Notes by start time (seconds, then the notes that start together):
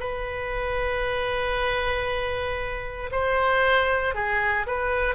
0.00 B4
3.12 C5
4.15 G#4
4.67 B4